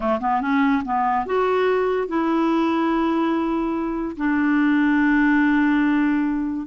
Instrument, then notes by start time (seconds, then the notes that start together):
clarinet
0.00 A3
0.20 B3
0.41 C#4
0.84 B3
1.26 F#4
2.08 E4
4.16 D4